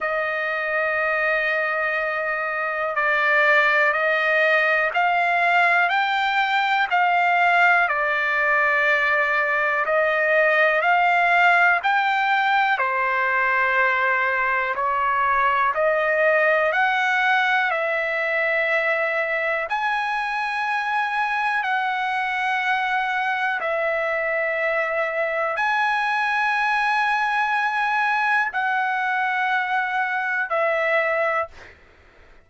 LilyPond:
\new Staff \with { instrumentName = "trumpet" } { \time 4/4 \tempo 4 = 61 dis''2. d''4 | dis''4 f''4 g''4 f''4 | d''2 dis''4 f''4 | g''4 c''2 cis''4 |
dis''4 fis''4 e''2 | gis''2 fis''2 | e''2 gis''2~ | gis''4 fis''2 e''4 | }